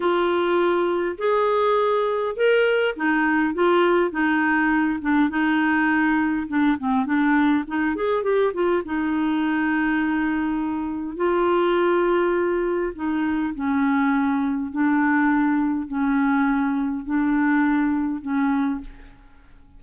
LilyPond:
\new Staff \with { instrumentName = "clarinet" } { \time 4/4 \tempo 4 = 102 f'2 gis'2 | ais'4 dis'4 f'4 dis'4~ | dis'8 d'8 dis'2 d'8 c'8 | d'4 dis'8 gis'8 g'8 f'8 dis'4~ |
dis'2. f'4~ | f'2 dis'4 cis'4~ | cis'4 d'2 cis'4~ | cis'4 d'2 cis'4 | }